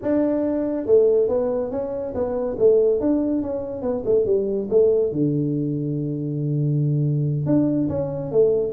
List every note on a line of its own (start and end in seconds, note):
0.01 0.86 D4
0.86 1.28 A3
1.28 1.71 B3
1.71 2.13 C#4
2.14 2.56 B3
2.58 3.00 A3
3.00 3.42 D4
3.42 3.81 C#4
3.81 4.03 B3
4.05 4.25 A3
4.25 4.68 G3
4.70 5.12 A3
5.12 7.46 D3
7.46 7.88 D4
7.88 8.31 C#4
8.31 8.72 A3